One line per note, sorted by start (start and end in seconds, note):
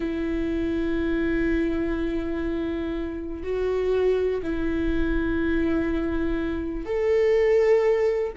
0.00 3.43 E4
3.43 4.41 F#4
4.42 6.85 E4
6.85 8.32 A4